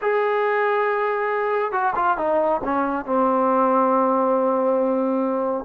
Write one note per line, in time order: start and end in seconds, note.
0.01 1.72 G#4
1.72 1.93 F#4
1.95 2.17 F4
2.17 2.61 D#4
2.64 3.05 C#4
3.05 5.64 C4